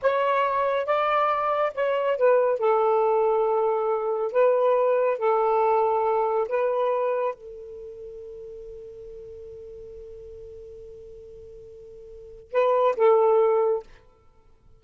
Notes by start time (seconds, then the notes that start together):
0.02 C#5
0.86 D5
1.74 C#5
2.17 B4
2.59 A4
4.32 B4
5.18 A4
6.48 B4
7.34 A4
12.52 B4
12.96 A4